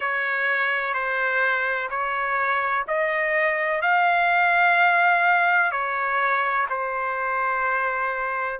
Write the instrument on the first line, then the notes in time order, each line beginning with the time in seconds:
trumpet
0.00 C#5
0.94 C5
1.90 C#5
2.87 D#5
3.81 F5
5.71 C#5
6.69 C5